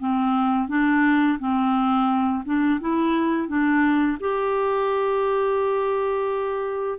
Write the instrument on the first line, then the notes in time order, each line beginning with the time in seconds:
clarinet
0.00 C4
0.69 D4
1.40 C4
2.46 D4
2.81 E4
3.49 D4
4.21 G4